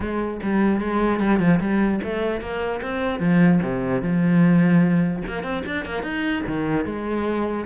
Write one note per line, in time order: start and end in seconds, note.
0.00 0.40 G#3
0.42 0.80 G3
0.80 1.20 G#3
1.20 1.39 G3
1.39 1.59 F3
1.59 2.00 G3
2.03 2.40 A3
2.40 2.81 A#3
2.82 3.19 C4
3.19 3.59 F3
3.62 4.02 C3
4.02 5.23 F3
5.27 5.43 A#3
5.43 5.63 C4
5.66 5.85 D4
5.85 6.02 A#3
6.02 6.42 D#4
6.46 6.85 D#3
6.85 7.65 G#3